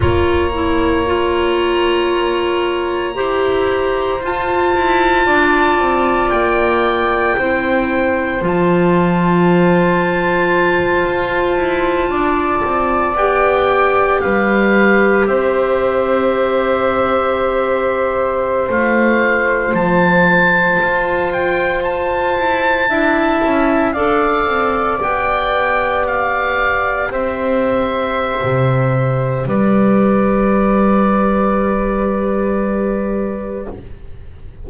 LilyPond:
<<
  \new Staff \with { instrumentName = "oboe" } { \time 4/4 \tempo 4 = 57 ais''1 | a''2 g''2 | a''1~ | a''8 g''4 f''4 e''4.~ |
e''4.~ e''16 f''4 a''4~ a''16~ | a''16 g''8 a''2 f''4 g''16~ | g''8. f''4 e''2~ e''16 | d''1 | }
  \new Staff \with { instrumentName = "flute" } { \time 4/4 cis''2. c''4~ | c''4 d''2 c''4~ | c''2.~ c''8 d''8~ | d''4. b'4 c''4.~ |
c''1~ | c''4.~ c''16 e''4 d''4~ d''16~ | d''4.~ d''16 c''2~ c''16 | b'1 | }
  \new Staff \with { instrumentName = "clarinet" } { \time 4/4 f'8 e'8 f'2 g'4 | f'2. e'4 | f'1~ | f'8 g'2.~ g'8~ |
g'4.~ g'16 f'2~ f'16~ | f'4.~ f'16 e'4 a'4 g'16~ | g'1~ | g'1 | }
  \new Staff \with { instrumentName = "double bass" } { \time 4/4 ais2. e'4 | f'8 e'8 d'8 c'8 ais4 c'4 | f2~ f8 f'8 e'8 d'8 | c'8 b4 g4 c'4.~ |
c'4.~ c'16 a4 f4 f'16~ | f'4~ f'16 e'8 d'8 cis'8 d'8 c'8 b16~ | b4.~ b16 c'4~ c'16 c4 | g1 | }
>>